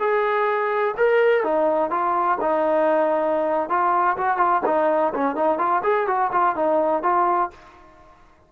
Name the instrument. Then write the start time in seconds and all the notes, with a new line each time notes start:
trombone
0.00 G#4
0.98 A#4
1.44 D#4
1.91 F4
2.41 D#4
3.70 F4
4.18 F#4
4.38 F4
4.66 D#4
5.15 C#4
5.36 D#4
5.59 F4
5.84 G#4
6.08 F#4
6.33 F4
6.56 D#4
7.03 F4